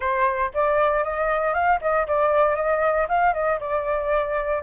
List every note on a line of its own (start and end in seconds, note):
0.00 0.51 C5
0.54 1.03 D5
1.03 1.53 D#5
1.53 1.79 F5
1.81 2.07 D#5
2.07 2.55 D5
2.55 3.07 D#5
3.08 3.33 F5
3.33 3.59 D#5
3.60 4.62 D5